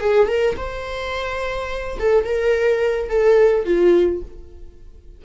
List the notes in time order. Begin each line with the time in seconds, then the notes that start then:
0.00 G#4
0.28 A#4
0.57 C5
1.99 A4
2.24 A#4
3.09 A4
3.65 F4